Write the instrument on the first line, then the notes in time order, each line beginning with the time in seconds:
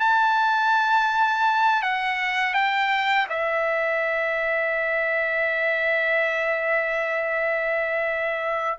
trumpet
0.00 A5
1.82 F#5
2.54 G5
3.29 E5